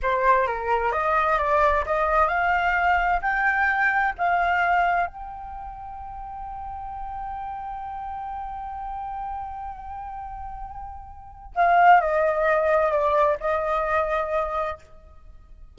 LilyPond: \new Staff \with { instrumentName = "flute" } { \time 4/4 \tempo 4 = 130 c''4 ais'4 dis''4 d''4 | dis''4 f''2 g''4~ | g''4 f''2 g''4~ | g''1~ |
g''1~ | g''1~ | g''4 f''4 dis''2 | d''4 dis''2. | }